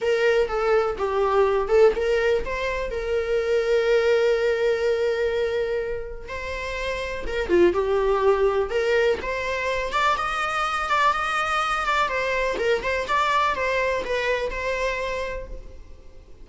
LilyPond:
\new Staff \with { instrumentName = "viola" } { \time 4/4 \tempo 4 = 124 ais'4 a'4 g'4. a'8 | ais'4 c''4 ais'2~ | ais'1~ | ais'4 c''2 ais'8 f'8 |
g'2 ais'4 c''4~ | c''8 d''8 dis''4. d''8 dis''4~ | dis''8 d''8 c''4 ais'8 c''8 d''4 | c''4 b'4 c''2 | }